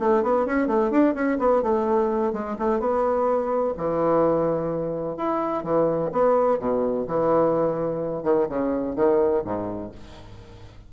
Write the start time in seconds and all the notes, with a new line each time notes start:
0.00 A3
0.23 B3
0.46 C#4
0.68 A3
0.91 D4
1.14 C#4
1.39 B3
1.63 A3
2.33 G#3
2.59 A3
2.80 B3
3.77 E3
5.17 E4
5.64 E3
6.12 B3
6.59 B2
7.07 E3
8.23 D#3
8.49 C#3
8.96 D#3
9.44 G#2